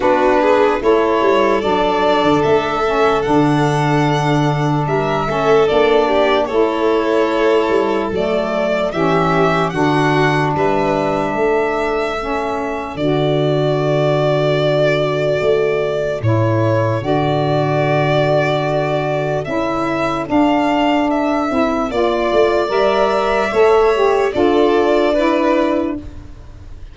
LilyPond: <<
  \new Staff \with { instrumentName = "violin" } { \time 4/4 \tempo 4 = 74 b'4 cis''4 d''4 e''4 | fis''2 e''4 d''4 | cis''2 d''4 e''4 | fis''4 e''2. |
d''1 | cis''4 d''2. | e''4 f''4 e''4 d''4 | e''2 d''2 | }
  \new Staff \with { instrumentName = "violin" } { \time 4/4 fis'8 gis'8 a'2.~ | a'2 ais'8 a'4 g'8 | a'2. g'4 | fis'4 b'4 a'2~ |
a'1~ | a'1~ | a'2. d''4~ | d''4 cis''4 a'4 b'4 | }
  \new Staff \with { instrumentName = "saxophone" } { \time 4/4 d'4 e'4 d'4. cis'8 | d'2~ d'8 cis'8 d'4 | e'2 a4 cis'4 | d'2. cis'4 |
fis'1 | e'4 fis'2. | e'4 d'4. e'8 f'4 | ais'4 a'8 g'8 f'4 e'4 | }
  \new Staff \with { instrumentName = "tuba" } { \time 4/4 b4 a8 g8 fis8. d16 a4 | d2 g8 a8 ais4 | a4. g8 fis4 e4 | d4 g4 a2 |
d2. a4 | a,4 d2. | cis'4 d'4. c'8 ais8 a8 | g4 a4 d'2 | }
>>